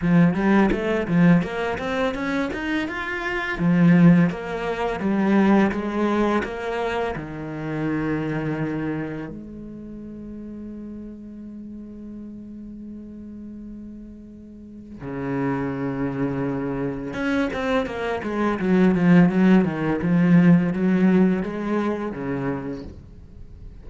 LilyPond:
\new Staff \with { instrumentName = "cello" } { \time 4/4 \tempo 4 = 84 f8 g8 a8 f8 ais8 c'8 cis'8 dis'8 | f'4 f4 ais4 g4 | gis4 ais4 dis2~ | dis4 gis2.~ |
gis1~ | gis4 cis2. | cis'8 c'8 ais8 gis8 fis8 f8 fis8 dis8 | f4 fis4 gis4 cis4 | }